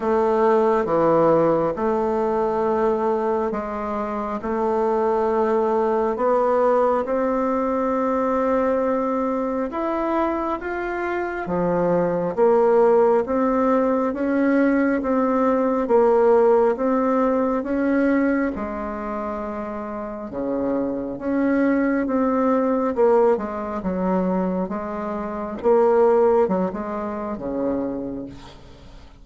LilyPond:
\new Staff \with { instrumentName = "bassoon" } { \time 4/4 \tempo 4 = 68 a4 e4 a2 | gis4 a2 b4 | c'2. e'4 | f'4 f4 ais4 c'4 |
cis'4 c'4 ais4 c'4 | cis'4 gis2 cis4 | cis'4 c'4 ais8 gis8 fis4 | gis4 ais4 fis16 gis8. cis4 | }